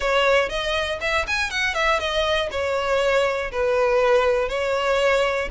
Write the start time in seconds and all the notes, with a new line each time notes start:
0.00 C#5
0.49 D#5
1.00 E5
1.27 G#5
1.50 F#5
1.74 E5
1.99 D#5
2.51 C#5
3.51 B4
4.48 C#5